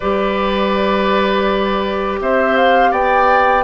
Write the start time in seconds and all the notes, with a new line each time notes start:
0.00 G3 G4 B4 D5
2.20 C4 C5 E5
2.57 F5
2.91 B3 D5 G5